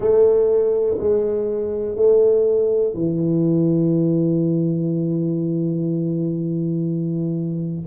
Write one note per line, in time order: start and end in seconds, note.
0.00 0.97 A3
0.98 1.95 G#3
1.95 2.93 A3
2.94 7.86 E3